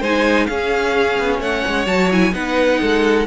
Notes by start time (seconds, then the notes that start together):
0.00 G#3 D#4 C5 G#5
0.46 C#4 G#4 F5
1.18 B3
1.39 A3 C#5 F#5
1.67 G#3
1.86 F#3 F#4 A5
2.11 E4 G#5
2.31 B3 D#4 B4 F#5
2.80 G#3 A4